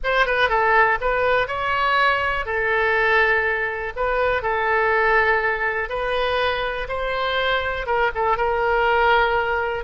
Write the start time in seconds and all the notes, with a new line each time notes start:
0.03 C5
0.25 B4
0.49 A4
1.00 B4
1.47 C#5
2.45 A4
3.96 B4
4.42 A4
5.89 B4
6.88 C5
7.86 A#4
8.14 A4
8.37 A#4